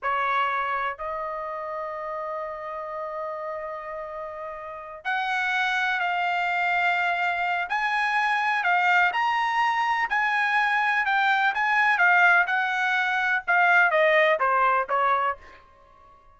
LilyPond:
\new Staff \with { instrumentName = "trumpet" } { \time 4/4 \tempo 4 = 125 cis''2 dis''2~ | dis''1~ | dis''2~ dis''8 fis''4.~ | fis''8 f''2.~ f''8 |
gis''2 f''4 ais''4~ | ais''4 gis''2 g''4 | gis''4 f''4 fis''2 | f''4 dis''4 c''4 cis''4 | }